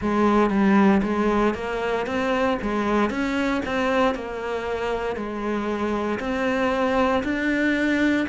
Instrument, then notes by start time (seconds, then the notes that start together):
cello
0.00 G#3
0.49 G3
1.03 G#3
1.54 A#3
2.06 C4
2.61 G#3
3.09 C#4
3.65 C4
4.14 A#3
5.15 G#3
6.19 C4
7.23 D4